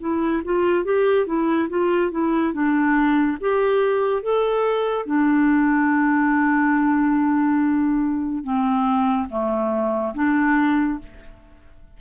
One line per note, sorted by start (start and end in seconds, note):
0.00 0.42 E4
0.44 0.85 F4
0.85 1.26 G4
1.26 1.69 E4
1.69 2.11 F4
2.11 2.53 E4
2.53 3.38 D4
3.40 4.22 G4
4.22 5.06 A4
5.06 8.44 D4
8.44 9.28 C4
9.29 10.14 A3
10.14 10.99 D4